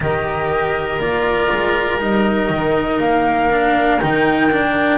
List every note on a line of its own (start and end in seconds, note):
0.00 0.99 D#3
0.00 1.00 G4
0.00 4.98 A#4
0.00 1.00 D#5
0.99 1.49 A#3
0.99 1.99 F4
0.99 2.00 D5
1.51 2.00 G#3
1.99 2.49 G3
1.99 3.49 D#4
1.99 3.00 D#5
2.49 2.99 D#3
2.99 3.99 A#3
2.99 4.00 F5
3.50 4.00 D4
4.00 4.98 D#3
4.00 4.51 D#4
4.00 4.98 G5
4.51 4.98 D4